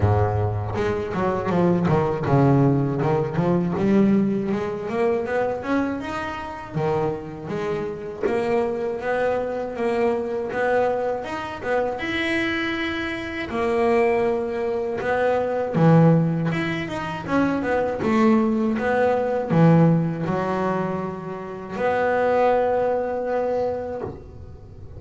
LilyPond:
\new Staff \with { instrumentName = "double bass" } { \time 4/4 \tempo 4 = 80 gis,4 gis8 fis8 f8 dis8 cis4 | dis8 f8 g4 gis8 ais8 b8 cis'8 | dis'4 dis4 gis4 ais4 | b4 ais4 b4 dis'8 b8 |
e'2 ais2 | b4 e4 e'8 dis'8 cis'8 b8 | a4 b4 e4 fis4~ | fis4 b2. | }